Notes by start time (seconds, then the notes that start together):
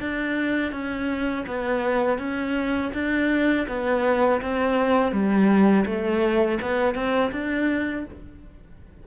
0.00 D4
0.72 C#4
1.47 B3
2.19 C#4
2.94 D4
3.68 B3
4.42 C4
5.12 G3
5.86 A3
6.62 B3
6.95 C4
7.32 D4